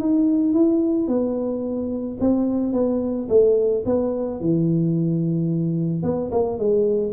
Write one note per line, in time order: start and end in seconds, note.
0.00 0.54 D#4
0.54 1.08 E4
1.08 2.18 B3
2.20 2.73 C4
2.73 3.28 B3
3.29 3.84 A3
3.86 4.41 B3
4.41 6.03 E3
6.03 6.31 B3
6.32 6.59 A#3
6.59 7.13 G#3